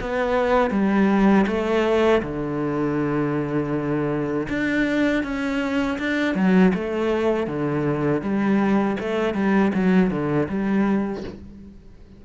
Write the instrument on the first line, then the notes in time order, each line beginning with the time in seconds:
cello
0.00 B3
0.70 G3
1.47 A3
2.22 D3
4.48 D4
5.23 C#4
5.98 D4
6.35 F#3
6.74 A3
7.47 D3
8.22 G3
8.99 A3
9.34 G3
9.74 F#3
10.10 D3
10.48 G3